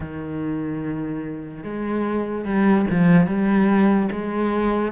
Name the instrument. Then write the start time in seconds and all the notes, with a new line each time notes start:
cello
0.00 D#3
1.63 G#3
2.44 G3
2.90 F3
3.27 G3
4.11 G#3